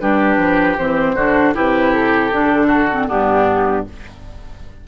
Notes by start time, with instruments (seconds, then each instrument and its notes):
0.00 bassoon G3, clarinet D4, oboe G4, flute B4
0.37 bassoon F3
0.78 bassoon E3, clarinet C4, flute C5
1.14 bassoon D3, clarinet D4, oboe F#4
1.54 bassoon C3, clarinet E4, oboe G4, flute B4
1.94 flute A4
2.31 bassoon D3, clarinet D4
2.67 oboe F#4
2.92 clarinet C4
3.08 bassoon G2, clarinet B3, oboe D4, flute G4